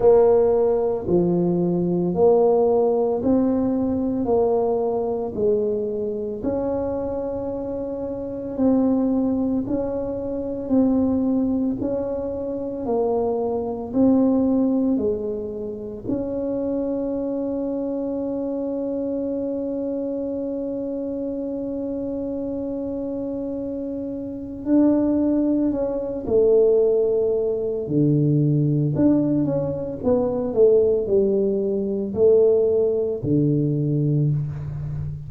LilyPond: \new Staff \with { instrumentName = "tuba" } { \time 4/4 \tempo 4 = 56 ais4 f4 ais4 c'4 | ais4 gis4 cis'2 | c'4 cis'4 c'4 cis'4 | ais4 c'4 gis4 cis'4~ |
cis'1~ | cis'2. d'4 | cis'8 a4. d4 d'8 cis'8 | b8 a8 g4 a4 d4 | }